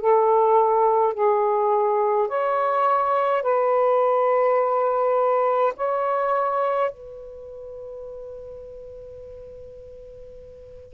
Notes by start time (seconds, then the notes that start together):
0.00 A4
1.13 G#4
2.28 C#5
3.42 B4
5.76 C#5
6.91 B4